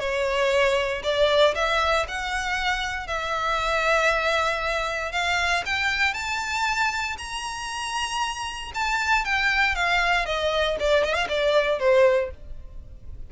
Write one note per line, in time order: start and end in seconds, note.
0.00 1.03 C#5
1.03 1.55 D5
1.55 2.06 E5
2.08 3.07 F#5
3.07 5.12 E5
5.12 5.64 F5
5.66 6.14 G5
6.14 7.17 A5
7.18 8.72 A#5
8.75 9.25 A5
9.25 9.75 G5
9.75 10.26 F5
10.26 10.77 D#5
10.80 11.04 D5
11.04 11.14 D#5
11.14 11.27 F5
11.29 11.79 D5
11.79 12.31 C5